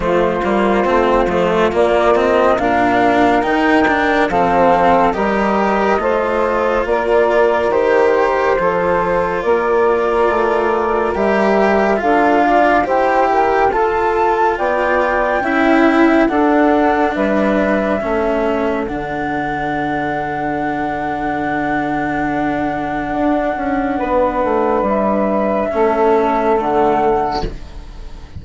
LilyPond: <<
  \new Staff \with { instrumentName = "flute" } { \time 4/4 \tempo 4 = 70 c''2 d''8 dis''8 f''4 | g''4 f''4 dis''2 | d''4 c''2 d''4~ | d''4 e''4 f''4 g''4 |
a''4 g''2 fis''4 | e''2 fis''2~ | fis''1~ | fis''4 e''2 fis''4 | }
  \new Staff \with { instrumentName = "saxophone" } { \time 4/4 f'2. ais'4~ | ais'4 a'4 ais'4 c''4 | ais'2 a'4 ais'4~ | ais'2 a'8 d''8 c''8 ais'8 |
a'4 d''4 e''4 a'4 | b'4 a'2.~ | a'1 | b'2 a'2 | }
  \new Staff \with { instrumentName = "cello" } { \time 4/4 a8 ais8 c'8 a8 ais8 c'8 d'4 | dis'8 d'8 c'4 g'4 f'4~ | f'4 g'4 f'2~ | f'4 g'4 f'4 g'4 |
f'2 e'4 d'4~ | d'4 cis'4 d'2~ | d'1~ | d'2 cis'4 a4 | }
  \new Staff \with { instrumentName = "bassoon" } { \time 4/4 f8 g8 a8 f8 ais4 ais,4 | dis4 f4 g4 a4 | ais4 dis4 f4 ais4 | a4 g4 d'4 e'4 |
f'4 b4 cis'4 d'4 | g4 a4 d2~ | d2. d'8 cis'8 | b8 a8 g4 a4 d4 | }
>>